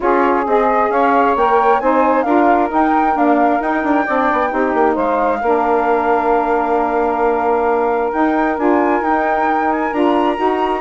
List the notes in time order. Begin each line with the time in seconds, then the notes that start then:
0.00 C#4 F4 G#4 C#5
0.45 C4 G#4 D#5
0.89 C#4 C#5 F5
1.35 A#3 A#4 G5
1.79 C4 D#4 C5 G#5
2.22 D4 F4 A#4 F5
2.67 D#4 G5
2.74 D#4
3.13 A#3 D4 F5
3.60 D#4 G5
3.83 D4
4.04 C4 D4 D5
4.32 B3
4.49 C4 D#4 G4
4.73 A#3
4.94 G#3 C5 F5
5.40 A#3 D4 A#4
8.12 D#4 G5
8.58 D4 F4 G#5
9.00 D#4 G5
9.71 G#5
9.92 D4 F4 A#5
10.36 D#4 F#4